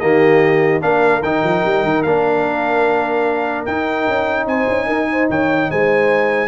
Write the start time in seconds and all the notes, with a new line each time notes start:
0.00 D#3 A#3 G4 D#5
0.81 A#3 D4 A#4 F5
1.23 D#3 D#4 G5
1.43 F3
1.65 G3
1.84 D#3
2.03 A#3 D4 F5
3.66 D#4 G5
4.08 C#4
4.46 C4 C5 G#5
4.68 C#4
4.87 D#4 A#4
5.12 C5
5.29 D#3 C#5 G5
5.71 G#3 C5 G#5